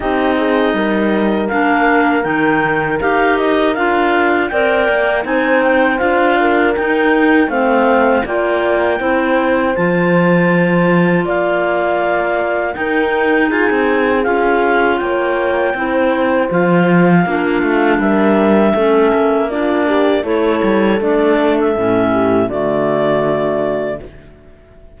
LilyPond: <<
  \new Staff \with { instrumentName = "clarinet" } { \time 4/4 \tempo 4 = 80 dis''2 f''4 g''4 | f''8 dis''8 f''4 g''4 gis''8 g''8 | f''4 g''4 f''4 g''4~ | g''4 a''2 f''4~ |
f''4 g''4 gis''4 f''4 | g''2 f''2 | e''2 d''4 cis''4 | d''8. e''4~ e''16 d''2 | }
  \new Staff \with { instrumentName = "horn" } { \time 4/4 g'8 gis'8 ais'2.~ | ais'2 d''4 c''4~ | c''8 ais'4. c''4 d''4 | c''2. d''4~ |
d''4 ais'4 gis'2 | cis''4 c''2 f'4 | ais'4 a'4 f'8 g'8 a'4~ | a'4. g'8 fis'2 | }
  \new Staff \with { instrumentName = "clarinet" } { \time 4/4 dis'2 d'4 dis'4 | g'4 f'4 ais'4 dis'4 | f'4 dis'4 c'4 f'4 | e'4 f'2.~ |
f'4 dis'2 f'4~ | f'4 e'4 f'4 d'4~ | d'4 cis'4 d'4 e'4 | d'4 cis'4 a2 | }
  \new Staff \with { instrumentName = "cello" } { \time 4/4 c'4 g4 ais4 dis4 | dis'4 d'4 c'8 ais8 c'4 | d'4 dis'4 a4 ais4 | c'4 f2 ais4~ |
ais4 dis'4 f'16 c'8. cis'4 | ais4 c'4 f4 ais8 a8 | g4 a8 ais4. a8 g8 | a4 a,4 d2 | }
>>